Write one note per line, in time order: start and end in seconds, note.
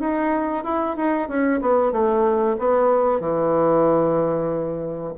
0.00 0.64 D#4
0.64 0.96 E4
0.97 1.28 D#4
1.28 1.61 C#4
1.61 1.92 B3
1.92 2.57 A3
2.59 3.20 B3
3.20 5.14 E3